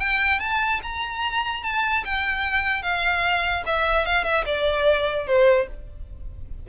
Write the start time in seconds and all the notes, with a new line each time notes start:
0.00 G5
0.40 A5
0.83 A#5
1.64 A5
2.05 G5
2.82 F5
3.66 E5
4.06 F5
4.24 E5
4.46 D5
5.27 C5